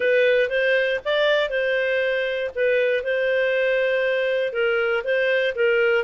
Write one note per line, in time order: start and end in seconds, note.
0.00 0.49 B4
0.49 1.00 C5
1.05 1.49 D5
1.49 2.50 C5
2.55 3.03 B4
3.03 4.52 C5
4.52 5.03 A#4
5.04 5.54 C5
5.55 6.04 A#4